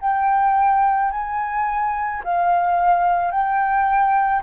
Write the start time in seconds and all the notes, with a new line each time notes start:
0.00 G5
1.11 G#5
2.24 F5
3.31 G5